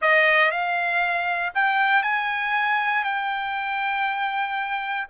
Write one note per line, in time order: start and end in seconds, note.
0.01 0.51 D#5
0.51 1.53 F5
1.54 2.02 G5
2.02 3.04 G#5
3.04 5.07 G5